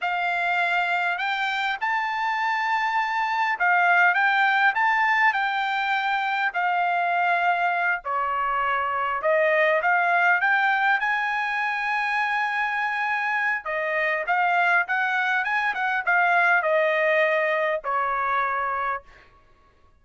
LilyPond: \new Staff \with { instrumentName = "trumpet" } { \time 4/4 \tempo 4 = 101 f''2 g''4 a''4~ | a''2 f''4 g''4 | a''4 g''2 f''4~ | f''4. cis''2 dis''8~ |
dis''8 f''4 g''4 gis''4.~ | gis''2. dis''4 | f''4 fis''4 gis''8 fis''8 f''4 | dis''2 cis''2 | }